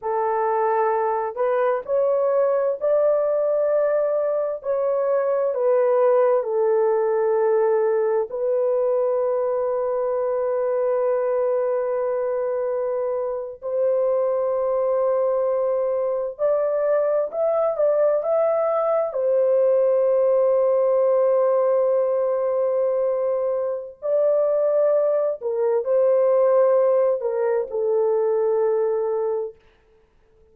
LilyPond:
\new Staff \with { instrumentName = "horn" } { \time 4/4 \tempo 4 = 65 a'4. b'8 cis''4 d''4~ | d''4 cis''4 b'4 a'4~ | a'4 b'2.~ | b'2~ b'8. c''4~ c''16~ |
c''4.~ c''16 d''4 e''8 d''8 e''16~ | e''8. c''2.~ c''16~ | c''2 d''4. ais'8 | c''4. ais'8 a'2 | }